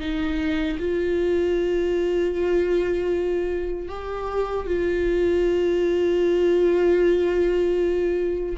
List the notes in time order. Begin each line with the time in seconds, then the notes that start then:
0.00 D#4
0.79 F4
3.89 G4
4.66 F4